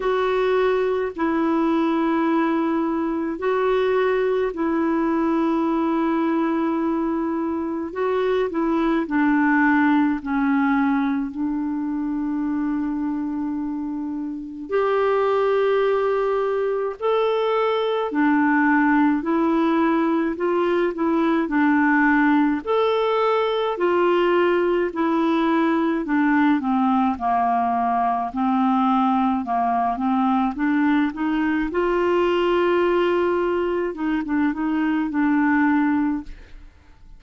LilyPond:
\new Staff \with { instrumentName = "clarinet" } { \time 4/4 \tempo 4 = 53 fis'4 e'2 fis'4 | e'2. fis'8 e'8 | d'4 cis'4 d'2~ | d'4 g'2 a'4 |
d'4 e'4 f'8 e'8 d'4 | a'4 f'4 e'4 d'8 c'8 | ais4 c'4 ais8 c'8 d'8 dis'8 | f'2 dis'16 d'16 dis'8 d'4 | }